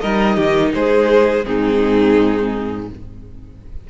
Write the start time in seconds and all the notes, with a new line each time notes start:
0.00 G3 D#4 A#4 D#5
0.35 D#3 G4
0.74 G#3 G#4 C5
1.43 G#2 C4 D#4 G#4